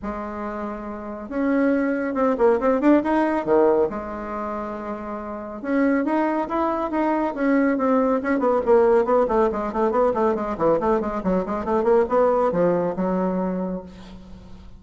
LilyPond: \new Staff \with { instrumentName = "bassoon" } { \time 4/4 \tempo 4 = 139 gis2. cis'4~ | cis'4 c'8 ais8 c'8 d'8 dis'4 | dis4 gis2.~ | gis4 cis'4 dis'4 e'4 |
dis'4 cis'4 c'4 cis'8 b8 | ais4 b8 a8 gis8 a8 b8 a8 | gis8 e8 a8 gis8 fis8 gis8 a8 ais8 | b4 f4 fis2 | }